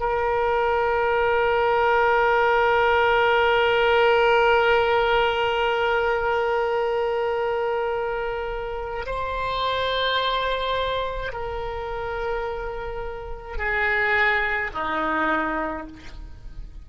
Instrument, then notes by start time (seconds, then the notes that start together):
oboe
0.00 A#4
9.07 C5
11.33 A#4
13.58 G#4
14.74 D#4